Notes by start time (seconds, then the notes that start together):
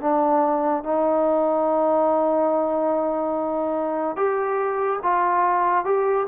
0.00 D4
0.83 D#4
4.16 G4
5.03 F4
5.85 G4